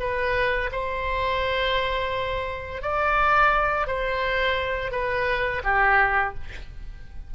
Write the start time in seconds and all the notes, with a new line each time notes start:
0.00 B4
0.72 C5
2.82 D5
3.87 C5
4.92 B4
5.64 G4